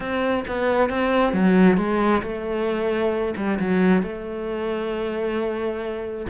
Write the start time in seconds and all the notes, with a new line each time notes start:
0.00 C4
0.47 B3
0.89 C4
1.33 F#3
1.77 G#3
2.22 A3
3.36 G3
3.59 F#3
4.02 A3